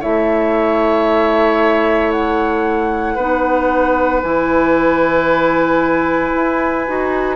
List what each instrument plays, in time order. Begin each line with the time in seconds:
0.00 bassoon A3, clarinet E4, oboe C#5, flute E5
2.12 flute F#5
3.15 bassoon B3, clarinet D#4, oboe B4
4.23 bassoon E3, clarinet E4, flute G#5
6.35 bassoon E4
6.87 bassoon D#4, clarinet F#4